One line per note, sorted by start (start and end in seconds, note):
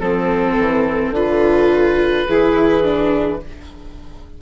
0.00 0.57 F3
0.00 1.15 C4
0.00 1.13 A4
0.00 2.26 A4
0.59 1.11 E3
1.11 2.24 D3
1.11 2.29 F4
1.11 3.42 B4
2.27 3.42 E3
2.27 2.83 E4
2.27 3.40 G#4
2.83 3.40 D4